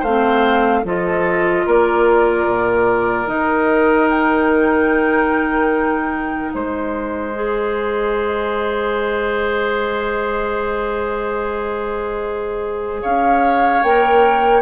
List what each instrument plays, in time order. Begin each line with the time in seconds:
0.00 bassoon A3, oboe C5, flute F5
0.07 clarinet C4
0.84 bassoon F3, clarinet F4, oboe A4, flute D#5
1.66 bassoon A#3, oboe A#4, flute D5
2.47 bassoon A#2
3.27 bassoon D#3, clarinet D#4, flute D#5
4.10 flute G5
6.53 bassoon G#3, oboe C5, flute D#5
7.34 clarinet G#4
13.02 bassoon C#4, oboe C#5, flute F5
13.83 bassoon A#3, clarinet A#4, flute G5